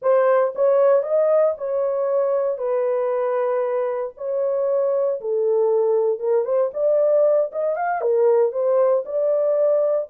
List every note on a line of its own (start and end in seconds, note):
0.02 0.53 C5
0.55 1.03 C#5
1.03 1.54 D#5
1.57 2.57 C#5
2.57 4.13 B4
4.17 5.20 C#5
5.20 6.19 A4
6.19 6.44 A#4
6.44 6.70 C5
6.73 7.51 D5
7.51 7.75 D#5
7.75 8.01 F5
8.01 8.51 A#4
8.51 9.03 C5
9.05 10.08 D5